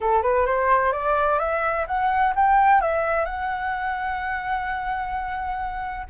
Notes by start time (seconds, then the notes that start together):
0.01 A4
0.22 B4
0.46 C5
0.92 D5
1.39 E5
1.87 F#5
2.35 G5
2.81 E5
3.25 F#5